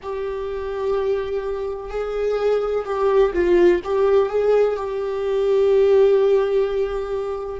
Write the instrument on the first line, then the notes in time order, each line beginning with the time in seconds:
viola
0.02 G4
1.89 G#4
2.85 G4
3.33 F4
3.84 G4
4.29 G#4
4.76 G4